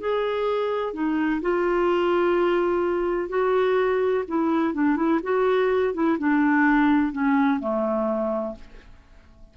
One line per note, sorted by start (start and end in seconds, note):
0.00 0.94 G#4
0.94 1.41 D#4
1.42 3.29 F4
3.29 4.24 F#4
4.28 4.74 E4
4.74 4.96 D4
4.96 5.20 E4
5.23 5.94 F#4
5.94 6.18 E4
6.19 7.13 D4
7.13 7.60 C#4
7.60 8.55 A3